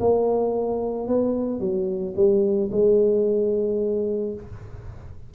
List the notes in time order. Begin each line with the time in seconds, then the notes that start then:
0.00 A#3
1.08 B3
1.60 F#3
2.16 G3
2.72 G#3